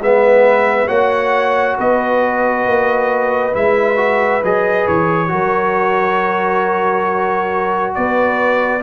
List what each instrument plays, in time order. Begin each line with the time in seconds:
0.00 tuba G#3, trombone B3, horn B4, trumpet E5
0.88 tuba A#3, trombone F#4, horn C#5, trumpet F#5
1.78 tuba B3, horn B4, trumpet D#5
2.66 tuba A#3
3.53 tuba G#3, trombone E4, trumpet E5
3.97 trombone F#4
4.44 tuba F#3, trombone G#4, trumpet D#5
4.88 tuba E3, trumpet C#5
5.28 tuba F#3, trombone F#4, horn A#4
7.95 tuba B3, horn B4, trumpet D5